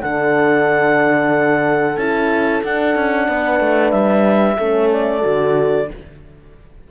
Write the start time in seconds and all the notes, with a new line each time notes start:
0.00 D3 D4 A4 F#5
1.97 C#4 E4 A5
2.63 D4 F#5
2.95 C#4
3.28 B3 B4
3.60 A3
3.90 G3 E5
4.58 A3 C#4 A4
4.93 D5
5.22 D3 F#4